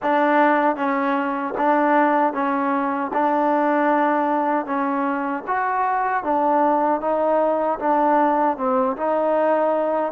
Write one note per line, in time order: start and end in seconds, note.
0.02 0.75 D4
0.75 1.53 C#4
1.57 2.33 D4
2.33 3.11 C#4
3.13 4.65 D4
4.65 5.43 C#4
5.47 6.23 F#4
6.23 7.00 D4
7.00 7.78 D#4
7.79 8.57 D4
8.57 8.96 C4
8.96 10.12 D#4